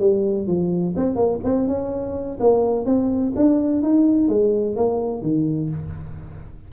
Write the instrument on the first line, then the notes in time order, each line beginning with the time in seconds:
tuba
0.00 G3
0.48 F3
0.97 C4
1.16 A#3
1.45 C4
1.68 C#4
2.41 A#3
2.86 C4
3.37 D4
3.83 D#4
4.29 G#3
4.77 A#3
5.23 D#3